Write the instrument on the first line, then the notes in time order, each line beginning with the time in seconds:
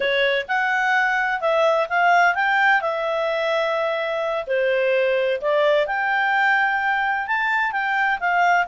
clarinet
0.00 C#5
0.48 F#5
1.40 E5
1.89 F5
2.34 G5
2.81 E5
4.47 C5
5.41 D5
5.86 G5
7.27 A5
7.72 G5
8.20 F5